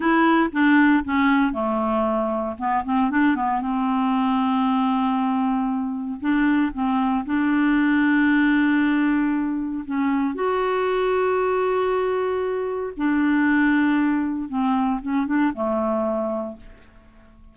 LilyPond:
\new Staff \with { instrumentName = "clarinet" } { \time 4/4 \tempo 4 = 116 e'4 d'4 cis'4 a4~ | a4 b8 c'8 d'8 b8 c'4~ | c'1 | d'4 c'4 d'2~ |
d'2. cis'4 | fis'1~ | fis'4 d'2. | c'4 cis'8 d'8 a2 | }